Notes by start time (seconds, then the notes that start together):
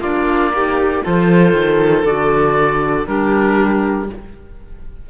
0.00 A#3 D4 F4 D5
0.54 D#4 G4
1.03 F3 F4 A4 C5
1.53 D#3
2.05 D3 F#4 D5
3.06 G3 D4 G4 A#4